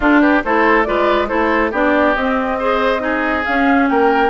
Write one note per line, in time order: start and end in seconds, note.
0.00 0.43 D4
0.00 0.44 D4
0.00 0.20 F4
0.00 0.20 A4
0.20 0.42 G4
0.20 0.42 B4
0.44 0.87 A3
0.44 0.85 E4
0.44 0.87 A4
0.44 0.83 C5
0.83 1.31 G#3
0.83 1.28 F4
0.83 1.28 B4
0.83 1.26 D5
1.28 1.72 A3
1.28 1.71 E4
1.28 1.71 A4
1.28 1.71 C5
1.71 2.15 B3
1.71 2.16 D4
1.71 2.57 G4
1.71 2.15 D5
2.15 3.45 C4
2.15 2.60 C4
2.15 3.44 D#5
2.58 2.98 G#4
2.58 3.02 C5
2.98 3.42 D#4
2.98 3.89 G#4
3.44 4.29 C#4
3.44 3.89 C#4
3.44 3.87 F5
3.88 4.29 A#3
3.88 4.29 A#4
3.88 4.29 G5